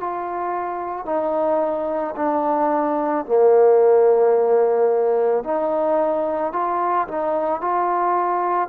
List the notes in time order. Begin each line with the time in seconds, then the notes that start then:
0.00 F4
1.06 D#4
2.16 D4
3.25 A#3
5.44 D#4
6.53 F4
7.08 D#4
7.61 F4